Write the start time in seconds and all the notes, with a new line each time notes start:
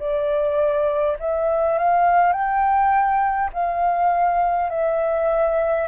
0.00 D5
1.20 E5
1.79 F5
2.33 G5
3.53 F5
4.71 E5